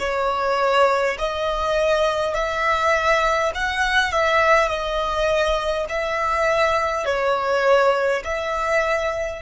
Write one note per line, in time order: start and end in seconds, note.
0.00 1.18 C#5
1.19 2.35 D#5
2.35 3.52 E5
3.55 4.12 F#5
4.12 4.68 E5
4.68 5.86 D#5
5.89 7.06 E5
7.06 8.24 C#5
8.25 9.42 E5